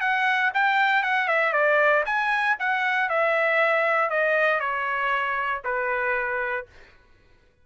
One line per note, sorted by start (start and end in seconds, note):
0.00 0.51 F#5
0.53 1.02 G5
1.02 1.27 F#5
1.27 1.53 E5
1.53 2.03 D5
2.05 2.56 G#5
2.59 3.09 F#5
3.09 4.10 E5
4.10 4.60 D#5
4.60 5.61 C#5
5.64 6.66 B4